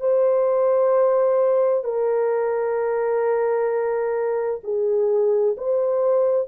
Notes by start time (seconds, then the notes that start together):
0.00 C5
1.84 A#4
4.63 G#4
5.57 C5